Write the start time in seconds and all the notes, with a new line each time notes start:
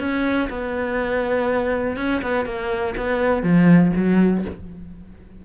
0.00 C#4
0.50 B3
1.97 C#4
2.22 B3
2.46 A#3
2.97 B3
3.43 F3
3.96 F#3